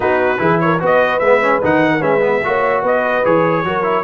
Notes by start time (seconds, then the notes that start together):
0.00 B3 D#4 F#4 B4
0.38 E3 E4 G#4
0.59 A#4 C#5
0.79 B3 F#4 B4
0.85 D#5
1.19 G#3 B3 E5
1.41 C#4
1.62 D#3 D#4 F#5
1.92 A#4
1.99 G#3 C#4 B4 E5
2.20 B3
2.43 A#3 F#4 C#5
2.82 B3 B4 D#5
3.24 E3 G#4 C#5
3.64 F#3 F#4 A#4
3.83 E4